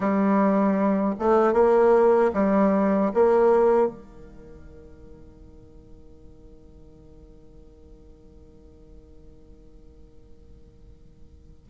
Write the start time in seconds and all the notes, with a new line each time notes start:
0.00 G3
1.19 A3
1.53 A#3
2.33 G3
3.14 A#3
3.87 D#3